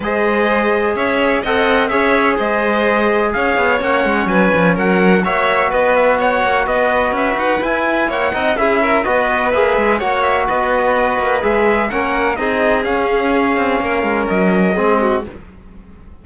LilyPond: <<
  \new Staff \with { instrumentName = "trumpet" } { \time 4/4 \tempo 4 = 126 dis''2 e''4 fis''4 | e''4 dis''2 f''4 | fis''4 gis''4 fis''4 e''4 | dis''8 e''8 fis''4 dis''4 e''8 fis''8 |
gis''4 fis''4 e''4 dis''4 | e''4 fis''8 e''8 dis''2 | e''4 fis''4 dis''4 f''4~ | f''2 dis''2 | }
  \new Staff \with { instrumentName = "violin" } { \time 4/4 c''2 cis''4 dis''4 | cis''4 c''2 cis''4~ | cis''4 b'4 ais'4 cis''4 | b'4 cis''4 b'2~ |
b'4 cis''8 dis''8 gis'8 ais'8 b'4~ | b'4 cis''4 b'2~ | b'4 ais'4 gis'2~ | gis'4 ais'2 gis'8 fis'8 | }
  \new Staff \with { instrumentName = "trombone" } { \time 4/4 gis'2. a'4 | gis'1 | cis'2. fis'4~ | fis'1 |
e'4. dis'8 e'4 fis'4 | gis'4 fis'2. | gis'4 cis'4 dis'4 cis'4~ | cis'2. c'4 | }
  \new Staff \with { instrumentName = "cello" } { \time 4/4 gis2 cis'4 c'4 | cis'4 gis2 cis'8 b8 | ais8 gis8 fis8 f8 fis4 ais4 | b4. ais8 b4 cis'8 dis'8 |
e'4 ais8 c'8 cis'4 b4 | ais8 gis8 ais4 b4. ais8 | gis4 ais4 c'4 cis'4~ | cis'8 c'8 ais8 gis8 fis4 gis4 | }
>>